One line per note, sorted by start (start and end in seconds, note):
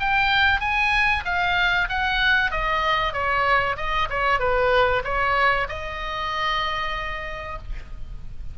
0.00 0.60 G5
0.60 1.23 G#5
1.25 1.88 F5
1.89 2.51 F#5
2.51 3.13 D#5
3.13 3.76 C#5
3.77 4.08 D#5
4.10 4.40 C#5
4.40 5.03 B4
5.04 5.68 C#5
5.69 7.58 D#5